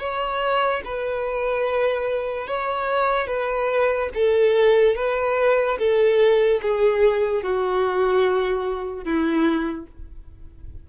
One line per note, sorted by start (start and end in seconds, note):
0.00 0.82 C#5
0.85 2.48 B4
2.48 3.28 C#5
3.28 4.10 B4
4.15 4.96 A4
4.96 5.78 B4
5.79 6.61 A4
6.62 7.43 G#4
7.43 9.04 F#4
9.04 9.87 E4